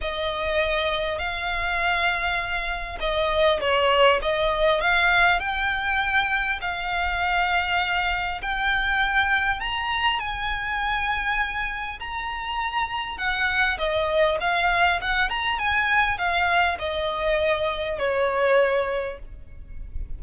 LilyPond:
\new Staff \with { instrumentName = "violin" } { \time 4/4 \tempo 4 = 100 dis''2 f''2~ | f''4 dis''4 cis''4 dis''4 | f''4 g''2 f''4~ | f''2 g''2 |
ais''4 gis''2. | ais''2 fis''4 dis''4 | f''4 fis''8 ais''8 gis''4 f''4 | dis''2 cis''2 | }